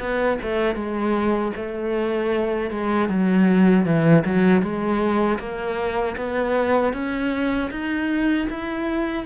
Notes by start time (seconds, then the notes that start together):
0.00 B3
0.43 A3
0.76 G#3
1.57 A3
2.71 G#3
3.09 F#3
3.86 E3
4.26 F#3
4.62 G#3
5.40 A#3
6.17 B3
6.94 C#4
7.71 D#4
8.50 E4